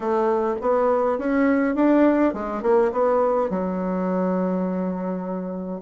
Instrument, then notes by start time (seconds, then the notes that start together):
bassoon
0.00 A3
0.61 B3
1.18 C#4
1.75 D4
2.33 G#3
2.62 A#3
2.92 B3
3.50 F#3